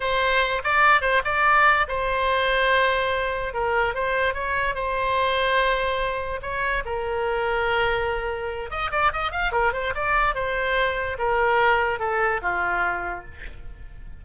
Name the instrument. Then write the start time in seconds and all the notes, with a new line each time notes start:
oboe
0.00 C5
0.63 D5
1.01 C5
1.24 D5
1.88 C5
3.53 A#4
3.94 C5
4.34 C#5
4.75 C5
6.41 C#5
6.85 A#4
8.70 D#5
8.91 D5
9.12 D#5
9.31 F5
9.52 A#4
9.73 C5
9.94 D5
10.34 C5
11.18 A#4
11.99 A4
12.41 F4